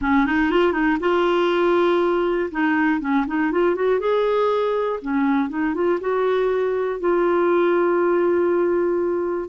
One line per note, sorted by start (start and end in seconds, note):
0.01 0.25 C#4
0.25 0.50 D#4
0.50 0.72 F4
0.72 0.97 D#4
1.00 2.50 F4
2.51 3.00 D#4
3.00 3.25 C#4
3.26 3.51 D#4
3.51 3.75 F4
3.75 3.99 F#4
3.99 4.99 G#4
5.01 5.49 C#4
5.49 5.74 D#4
5.74 5.99 F4
6.00 7.00 F#4
7.00 9.49 F4